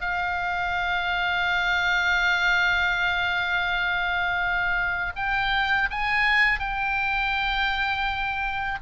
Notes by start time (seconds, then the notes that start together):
0.00 F5
5.15 G5
5.90 G#5
6.59 G5